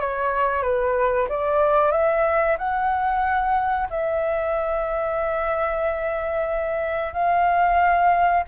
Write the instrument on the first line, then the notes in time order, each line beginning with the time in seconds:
flute
0.00 C#5
0.62 B4
1.28 D5
1.91 E5
2.58 F#5
3.90 E5
7.13 F5